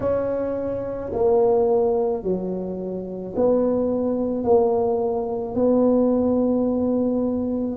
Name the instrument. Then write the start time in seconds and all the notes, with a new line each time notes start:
tuba
0.00 C#4
1.12 A#3
2.23 F#3
3.35 B3
4.43 A#3
5.55 B3